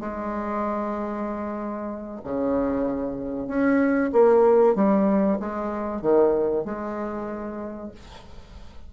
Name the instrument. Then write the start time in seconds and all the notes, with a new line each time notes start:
bassoon
0.00 G#3
2.24 C#3
3.48 C#4
4.13 A#3
4.75 G3
5.39 G#3
6.02 D#3
6.65 G#3